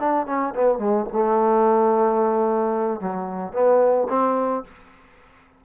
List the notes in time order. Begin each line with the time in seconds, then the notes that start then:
0.00 D4
0.27 C#4
0.55 B3
0.79 G#3
1.13 A3
3.01 F#3
3.54 B3
4.10 C4